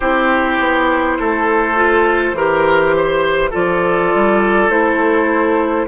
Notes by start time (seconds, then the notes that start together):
0.00 C4 E4 G4 C5
0.59 B3
1.19 A3 A4
1.75 F4
2.33 E3 G4 A#4
2.96 C5
3.50 F3 F4 A4 D5
4.14 G3
4.69 A3 E4 C5